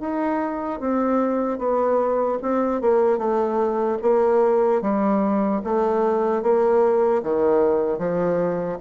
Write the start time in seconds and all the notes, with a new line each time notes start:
0.00 D#4
0.80 C4
1.58 B3
2.42 C4
2.81 A#3
3.18 A3
4.02 A#3
4.81 G3
5.64 A3
6.42 A#3
7.23 D#3
7.98 F3